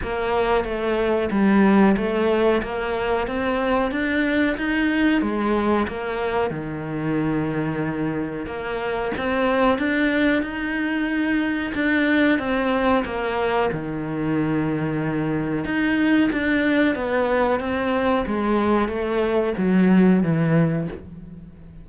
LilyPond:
\new Staff \with { instrumentName = "cello" } { \time 4/4 \tempo 4 = 92 ais4 a4 g4 a4 | ais4 c'4 d'4 dis'4 | gis4 ais4 dis2~ | dis4 ais4 c'4 d'4 |
dis'2 d'4 c'4 | ais4 dis2. | dis'4 d'4 b4 c'4 | gis4 a4 fis4 e4 | }